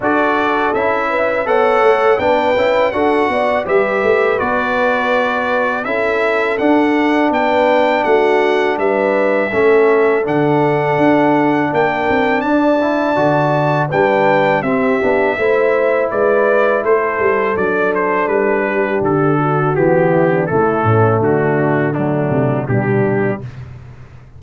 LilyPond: <<
  \new Staff \with { instrumentName = "trumpet" } { \time 4/4 \tempo 4 = 82 d''4 e''4 fis''4 g''4 | fis''4 e''4 d''2 | e''4 fis''4 g''4 fis''4 | e''2 fis''2 |
g''4 a''2 g''4 | e''2 d''4 c''4 | d''8 c''8 b'4 a'4 g'4 | a'4 fis'4 d'4 g'4 | }
  \new Staff \with { instrumentName = "horn" } { \time 4/4 a'4. b'8 cis''4 b'4 | a'8 d''8 b'2. | a'2 b'4 fis'4 | b'4 a'2. |
ais'4 d''2 b'4 | g'4 c''4 b'4 a'4~ | a'4. g'4 fis'4 e'16 d'16 | e'8 cis'8 d'4 a4 d'4 | }
  \new Staff \with { instrumentName = "trombone" } { \time 4/4 fis'4 e'4 a'4 d'8 e'8 | fis'4 g'4 fis'2 | e'4 d'2.~ | d'4 cis'4 d'2~ |
d'4. e'8 fis'4 d'4 | c'8 d'8 e'2. | d'2. b4 | a2 fis4 g4 | }
  \new Staff \with { instrumentName = "tuba" } { \time 4/4 d'4 cis'4 b8 a8 b8 cis'8 | d'8 b8 g8 a8 b2 | cis'4 d'4 b4 a4 | g4 a4 d4 d'4 |
ais8 c'8 d'4 d4 g4 | c'8 b8 a4 gis4 a8 g8 | fis4 g4 d4 e4 | cis8 a,8 d4. c8 b,4 | }
>>